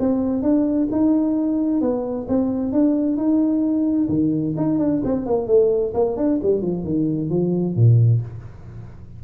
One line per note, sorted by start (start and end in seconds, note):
0.00 0.43 C4
0.43 0.88 D4
0.92 1.81 D#4
1.81 2.27 B3
2.29 2.73 C4
2.73 3.17 D4
3.17 4.09 D#4
4.09 4.55 D#3
4.57 4.79 D#4
4.79 5.02 D4
5.05 5.26 C4
5.26 5.48 A#3
5.48 5.93 A3
5.94 6.17 A#3
6.17 6.40 D4
6.43 6.62 G3
6.62 6.84 F3
6.84 7.30 D#3
7.30 7.76 F3
7.76 8.22 A#2